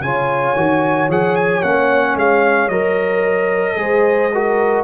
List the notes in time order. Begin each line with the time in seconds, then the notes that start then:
0.00 C#3 F4 C#5 G#5
0.56 D#3 F#4
1.08 F3 G#4 F#5
1.36 G#5
1.62 A#3 C#4 F#5
2.15 G#3 F5
2.69 F#3 A#4 D#5
3.76 G#3 G#4 C5
4.33 F#4 A#4